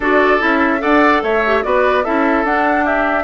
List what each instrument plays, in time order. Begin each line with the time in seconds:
0.00 bassoon D4, clarinet F#4, oboe A4, flute D5
0.39 bassoon C#4, clarinet E4, flute E5
0.78 bassoon D4, clarinet A4, oboe D5, flute F#5
1.22 bassoon A3, oboe C#5, flute E5
1.46 clarinet G4
1.63 bassoon B3, clarinet F#4, oboe B4, flute D5
2.03 bassoon C#4, clarinet E4, oboe A4, flute E5
2.44 bassoon D4, clarinet D4, flute F#5
2.85 oboe G4, flute E5